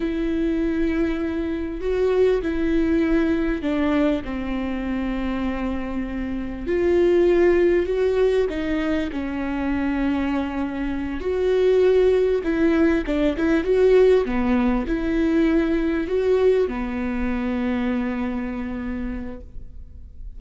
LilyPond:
\new Staff \with { instrumentName = "viola" } { \time 4/4 \tempo 4 = 99 e'2. fis'4 | e'2 d'4 c'4~ | c'2. f'4~ | f'4 fis'4 dis'4 cis'4~ |
cis'2~ cis'8 fis'4.~ | fis'8 e'4 d'8 e'8 fis'4 b8~ | b8 e'2 fis'4 b8~ | b1 | }